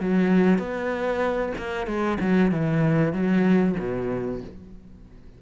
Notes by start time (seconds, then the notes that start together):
0.00 F#3
0.59 B3
1.58 A#3
1.86 G#3
2.20 F#3
2.51 E3
3.13 F#3
3.79 B2